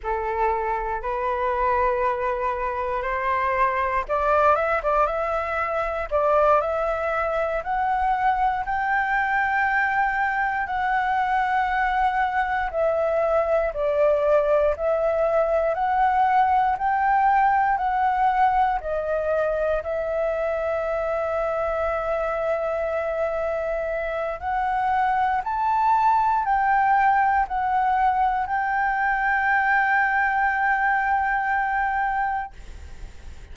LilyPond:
\new Staff \with { instrumentName = "flute" } { \time 4/4 \tempo 4 = 59 a'4 b'2 c''4 | d''8 e''16 d''16 e''4 d''8 e''4 fis''8~ | fis''8 g''2 fis''4.~ | fis''8 e''4 d''4 e''4 fis''8~ |
fis''8 g''4 fis''4 dis''4 e''8~ | e''1 | fis''4 a''4 g''4 fis''4 | g''1 | }